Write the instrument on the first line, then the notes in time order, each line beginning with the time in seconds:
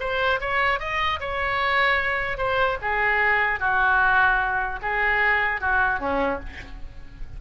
oboe
0.00 C5
0.40 C#5
0.79 D#5
1.20 C#5
2.37 C5
2.81 G#4
3.59 F#4
4.82 G#4
5.61 F#4
5.99 C#4